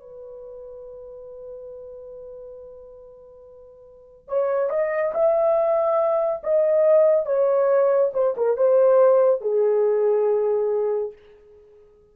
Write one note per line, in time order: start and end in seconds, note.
0.00 4.28 B4
4.28 4.69 C#5
4.69 5.12 D#5
5.14 6.42 E5
6.43 7.25 D#5
7.25 8.11 C#5
8.13 8.35 C5
8.36 8.57 A#4
8.57 9.41 C5
9.41 11.12 G#4